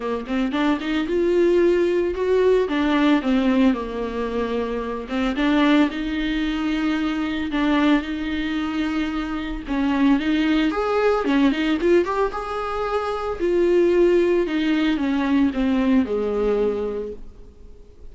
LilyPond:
\new Staff \with { instrumentName = "viola" } { \time 4/4 \tempo 4 = 112 ais8 c'8 d'8 dis'8 f'2 | fis'4 d'4 c'4 ais4~ | ais4. c'8 d'4 dis'4~ | dis'2 d'4 dis'4~ |
dis'2 cis'4 dis'4 | gis'4 cis'8 dis'8 f'8 g'8 gis'4~ | gis'4 f'2 dis'4 | cis'4 c'4 gis2 | }